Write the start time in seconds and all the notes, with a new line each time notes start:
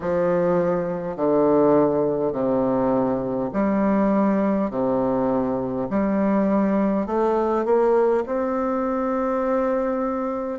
0.00 F3
1.16 D3
2.32 C3
3.53 G3
4.70 C3
5.89 G3
7.06 A3
7.65 A#3
8.26 C4